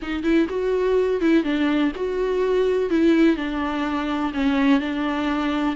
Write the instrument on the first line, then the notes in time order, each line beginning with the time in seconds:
viola
0.02 D#4
0.23 E4
0.49 F#4
1.20 E4
1.43 D4
1.95 F#4
2.90 E4
3.36 D4
4.33 C#4
4.79 D4